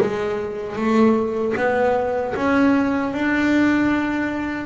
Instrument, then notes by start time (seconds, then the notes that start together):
double bass
0.00 G#3
0.75 A3
1.56 B3
2.35 C#4
3.13 D4